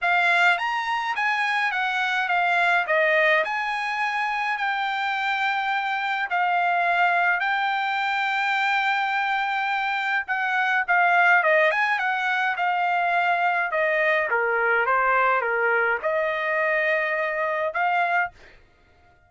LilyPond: \new Staff \with { instrumentName = "trumpet" } { \time 4/4 \tempo 4 = 105 f''4 ais''4 gis''4 fis''4 | f''4 dis''4 gis''2 | g''2. f''4~ | f''4 g''2.~ |
g''2 fis''4 f''4 | dis''8 gis''8 fis''4 f''2 | dis''4 ais'4 c''4 ais'4 | dis''2. f''4 | }